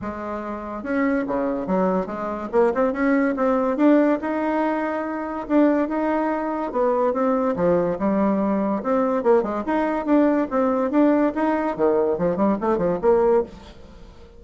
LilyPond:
\new Staff \with { instrumentName = "bassoon" } { \time 4/4 \tempo 4 = 143 gis2 cis'4 cis4 | fis4 gis4 ais8 c'8 cis'4 | c'4 d'4 dis'2~ | dis'4 d'4 dis'2 |
b4 c'4 f4 g4~ | g4 c'4 ais8 gis8 dis'4 | d'4 c'4 d'4 dis'4 | dis4 f8 g8 a8 f8 ais4 | }